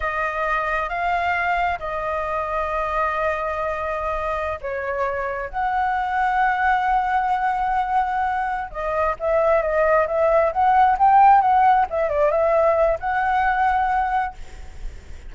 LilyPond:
\new Staff \with { instrumentName = "flute" } { \time 4/4 \tempo 4 = 134 dis''2 f''2 | dis''1~ | dis''2~ dis''16 cis''4.~ cis''16~ | cis''16 fis''2.~ fis''8.~ |
fis''2.~ fis''8 dis''8~ | dis''8 e''4 dis''4 e''4 fis''8~ | fis''8 g''4 fis''4 e''8 d''8 e''8~ | e''4 fis''2. | }